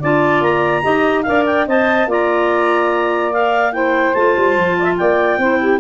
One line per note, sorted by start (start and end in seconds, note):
0.00 0.41 D4
0.00 0.83 F4
0.00 0.83 D5
0.00 0.43 A5
0.41 0.83 A#3
0.41 1.23 A#5
0.83 1.27 D#4
0.83 1.24 G4
0.83 1.25 D#5
1.23 1.67 D4
1.23 1.67 A#4
1.23 1.67 D5
1.23 1.43 F5
1.46 1.67 G5
1.67 2.06 C4
1.67 2.08 C5
1.67 2.08 D#5
1.67 2.10 A5
2.06 4.13 A#3
2.06 3.32 F4
2.06 3.74 D5
2.06 3.33 A#5
3.33 3.73 A#4
3.33 3.73 F5
3.73 4.14 E4
3.73 4.78 C5
3.73 4.14 G5
4.14 4.36 A3
4.14 5.41 F4
4.14 4.97 A5
4.37 4.57 G3
4.57 4.98 F3
4.79 4.84 D5
4.79 4.94 E5
4.98 5.38 A#3
4.98 5.39 D5
4.98 5.80 G5
5.38 5.79 C4
5.38 5.80 E4
5.38 5.59 C5
5.60 5.80 G4